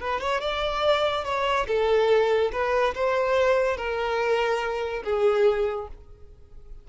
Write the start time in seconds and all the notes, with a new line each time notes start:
0.00 B4
0.20 C#5
0.41 D5
1.24 C#5
1.67 A4
2.52 B4
2.94 C5
3.77 A#4
5.03 G#4